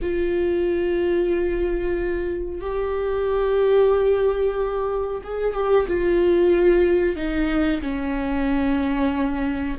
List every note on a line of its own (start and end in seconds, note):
0.01 2.60 F4
2.60 5.21 G4
5.24 5.53 G#4
5.53 5.86 G4
5.87 7.16 F4
7.16 7.81 D#4
7.81 9.77 C#4